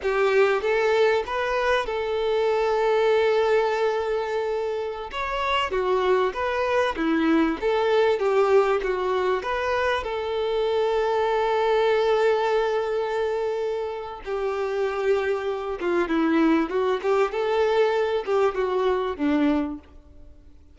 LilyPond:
\new Staff \with { instrumentName = "violin" } { \time 4/4 \tempo 4 = 97 g'4 a'4 b'4 a'4~ | a'1~ | a'16 cis''4 fis'4 b'4 e'8.~ | e'16 a'4 g'4 fis'4 b'8.~ |
b'16 a'2.~ a'8.~ | a'2. g'4~ | g'4. f'8 e'4 fis'8 g'8 | a'4. g'8 fis'4 d'4 | }